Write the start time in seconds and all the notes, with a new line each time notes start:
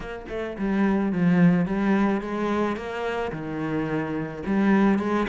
0.00 A#3
0.29 A3
0.58 G3
1.12 F3
1.65 G3
2.21 G#3
2.76 A#3
3.32 D#3
4.45 G3
4.98 G#3